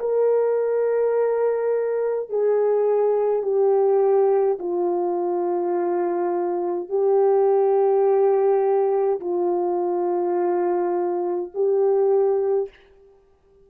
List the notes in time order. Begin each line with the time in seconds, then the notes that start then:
0.00 A#4
2.30 G#4
3.43 G4
4.59 F4
6.90 G4
9.21 F4
11.54 G4